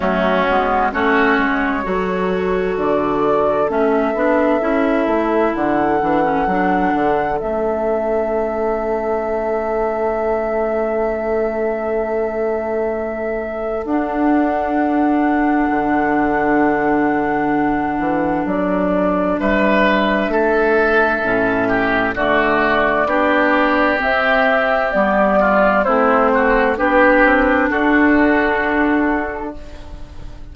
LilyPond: <<
  \new Staff \with { instrumentName = "flute" } { \time 4/4 \tempo 4 = 65 fis'4 cis''2 d''4 | e''2 fis''2 | e''1~ | e''2. fis''4~ |
fis''1 | d''4 e''2. | d''2 e''4 d''4 | c''4 b'4 a'2 | }
  \new Staff \with { instrumentName = "oboe" } { \time 4/4 cis'4 fis'4 a'2~ | a'1~ | a'1~ | a'1~ |
a'1~ | a'4 b'4 a'4. g'8 | fis'4 g'2~ g'8 f'8 | e'8 fis'8 g'4 fis'2 | }
  \new Staff \with { instrumentName = "clarinet" } { \time 4/4 a8 b8 cis'4 fis'2 | cis'8 d'8 e'4. d'16 cis'16 d'4 | cis'1~ | cis'2. d'4~ |
d'1~ | d'2. cis'4 | a4 d'4 c'4 b4 | c'4 d'2. | }
  \new Staff \with { instrumentName = "bassoon" } { \time 4/4 fis8 gis8 a8 gis8 fis4 d4 | a8 b8 cis'8 a8 d8 e8 fis8 d8 | a1~ | a2. d'4~ |
d'4 d2~ d8 e8 | fis4 g4 a4 a,4 | d4 b4 c'4 g4 | a4 b8 c'8 d'2 | }
>>